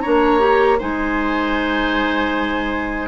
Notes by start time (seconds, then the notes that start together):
0.00 A#3 D4 C#5 A#5
0.39 G4
0.78 G#3 D#4 C5 G#5